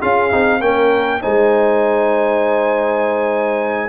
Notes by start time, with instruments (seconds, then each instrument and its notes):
0.00 tuba C#4, trombone F4, horn G#4, trumpet F5
0.31 tuba C4, trombone D#4
0.60 tuba A#3, trombone C#4, horn A#4, trumpet G5
1.21 tuba G#3, trombone D#4, horn C5, trumpet G#5